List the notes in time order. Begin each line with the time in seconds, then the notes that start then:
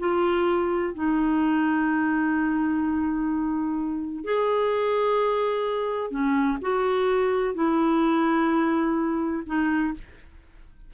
0.00 F4
0.94 D#4
4.25 G#4
6.11 C#4
6.62 F#4
7.55 E4
9.47 D#4